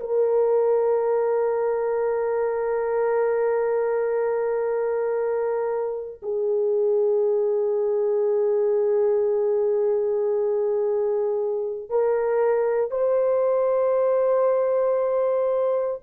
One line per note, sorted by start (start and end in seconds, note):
0.00 6.21 A#4
6.23 11.90 G#4
11.90 12.91 A#4
12.91 16.01 C5